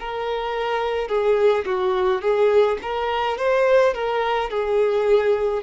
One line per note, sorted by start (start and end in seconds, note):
0.00 1.09 A#4
1.09 1.65 G#4
1.66 2.22 F#4
2.22 2.78 G#4
2.83 3.38 A#4
3.38 3.94 C5
3.94 4.50 A#4
4.50 5.63 G#4